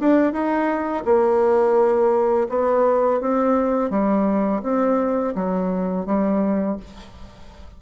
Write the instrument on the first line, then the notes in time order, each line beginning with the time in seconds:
bassoon
0.00 D4
0.32 D#4
1.05 A#3
2.49 B3
3.21 C4
3.91 G3
4.63 C4
5.35 F#3
6.06 G3